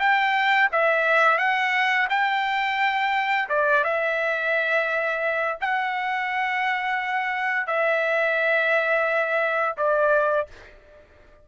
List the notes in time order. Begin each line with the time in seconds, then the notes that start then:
0.00 G5
0.72 E5
1.38 F#5
2.10 G5
3.50 D5
3.85 E5
5.61 F#5
7.67 E5
9.78 D5